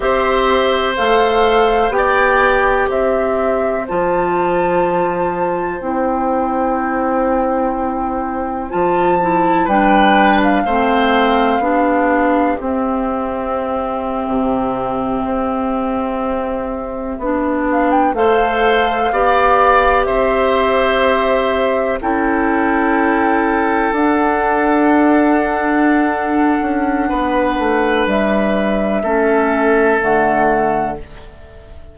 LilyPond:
<<
  \new Staff \with { instrumentName = "flute" } { \time 4/4 \tempo 4 = 62 e''4 f''4 g''4 e''4 | a''2 g''2~ | g''4 a''4 g''8. f''4~ f''16~ | f''4 e''2.~ |
e''2~ e''16 f''16 g''16 f''4~ f''16~ | f''8. e''2 g''4~ g''16~ | g''8. fis''2.~ fis''16~ | fis''4 e''2 fis''4 | }
  \new Staff \with { instrumentName = "oboe" } { \time 4/4 c''2 d''4 c''4~ | c''1~ | c''2 b'4 c''4 | g'1~ |
g'2~ g'8. c''4 d''16~ | d''8. c''2 a'4~ a'16~ | a'1 | b'2 a'2 | }
  \new Staff \with { instrumentName = "clarinet" } { \time 4/4 g'4 a'4 g'2 | f'2 e'2~ | e'4 f'8 e'8 d'4 c'4 | d'4 c'2.~ |
c'4.~ c'16 d'4 a'4 g'16~ | g'2~ g'8. e'4~ e'16~ | e'8. d'2.~ d'16~ | d'2 cis'4 a4 | }
  \new Staff \with { instrumentName = "bassoon" } { \time 4/4 c'4 a4 b4 c'4 | f2 c'2~ | c'4 f4 g4 a4 | b4 c'4.~ c'16 c4 c'16~ |
c'4.~ c'16 b4 a4 b16~ | b8. c'2 cis'4~ cis'16~ | cis'8. d'2~ d'8. cis'8 | b8 a8 g4 a4 d4 | }
>>